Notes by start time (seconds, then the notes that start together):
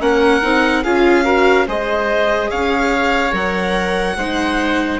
0.00 A#3 C#4 A#4 F#5
0.42 C4 D#4
0.84 C#4 F4 G#4 F5
1.25 F#4 A#4
1.68 G#3 G#4 C5 D#5
2.51 C#4 C#5 F5
3.32 F#3 A#4 F#5
4.16 G#3 D#4 C5